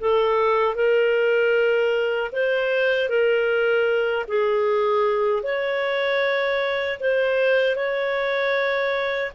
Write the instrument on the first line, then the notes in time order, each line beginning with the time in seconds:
clarinet
0.00 A4
0.75 A#4
2.32 C5
3.09 A#4
4.28 G#4
5.43 C#5
7.00 C5
7.76 C#5